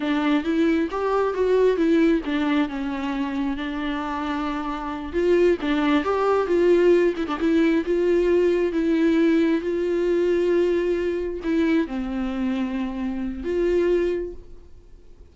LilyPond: \new Staff \with { instrumentName = "viola" } { \time 4/4 \tempo 4 = 134 d'4 e'4 g'4 fis'4 | e'4 d'4 cis'2 | d'2.~ d'8 f'8~ | f'8 d'4 g'4 f'4. |
e'16 d'16 e'4 f'2 e'8~ | e'4. f'2~ f'8~ | f'4. e'4 c'4.~ | c'2 f'2 | }